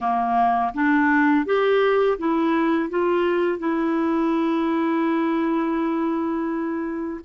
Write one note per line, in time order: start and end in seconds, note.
0.00 0.73 A#3
0.74 1.45 D4
1.45 2.18 G4
2.18 2.89 E4
2.89 3.58 F4
3.58 7.20 E4